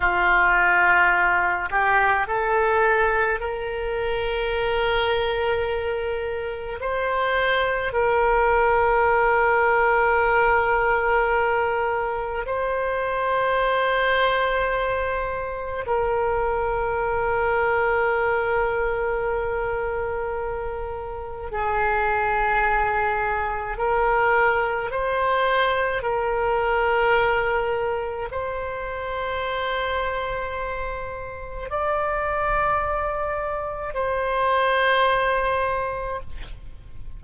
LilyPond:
\new Staff \with { instrumentName = "oboe" } { \time 4/4 \tempo 4 = 53 f'4. g'8 a'4 ais'4~ | ais'2 c''4 ais'4~ | ais'2. c''4~ | c''2 ais'2~ |
ais'2. gis'4~ | gis'4 ais'4 c''4 ais'4~ | ais'4 c''2. | d''2 c''2 | }